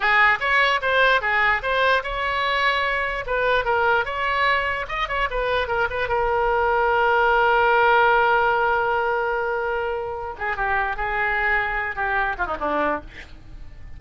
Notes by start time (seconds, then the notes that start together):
0.00 G#4
0.39 C#5
0.81 C5
1.21 G#4
1.62 C5
2.03 C#5
3.26 B4
3.64 A#4
4.05 C#5
4.88 D#5
5.08 C#5
5.30 B4
5.67 A#4
5.90 B4
6.08 A#4
10.38 G#4
10.56 G4
10.96 G#4
11.95 G4
12.37 F4
12.46 D#4
12.60 D4